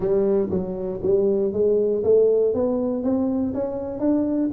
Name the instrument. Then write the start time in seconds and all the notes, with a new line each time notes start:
tuba
0.00 G3
0.50 F#3
1.02 G3
1.52 G#3
2.03 A3
2.53 B3
3.03 C4
3.54 C#4
3.99 D4